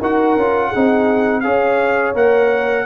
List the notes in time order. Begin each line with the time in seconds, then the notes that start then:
0.00 D#4 F#4 A#4 F#5
0.36 C#4 F4
0.69 G#4
0.75 C4 D#4
1.41 C#4 G#4 C#5 F5
2.15 A#3 A#4 F#5